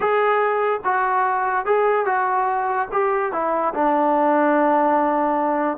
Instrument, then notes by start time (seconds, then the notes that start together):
trombone
0.00 G#4
0.84 F#4
1.65 G#4
2.05 F#4
2.92 G4
3.32 E4
3.74 D4